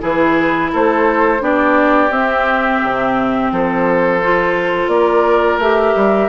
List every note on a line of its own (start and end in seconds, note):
0.00 0.73 E3
0.00 1.40 E4
0.00 0.72 G#4
0.00 0.73 B4
0.73 1.41 A3
0.73 1.42 A4
0.73 1.44 C5
1.40 2.10 B3
1.40 2.10 D4
1.40 3.52 G4
1.40 2.13 D5
2.10 2.80 C4
2.10 4.21 C4
2.10 3.52 E5
2.83 3.52 C3
3.52 4.88 F3
3.52 4.92 A4
3.52 4.89 C5
4.23 5.62 F4
4.88 5.58 A#3
4.88 6.29 A#4
4.88 5.59 D5
5.59 5.94 A3
5.59 6.29 G4
5.59 6.29 E5
5.96 6.29 G3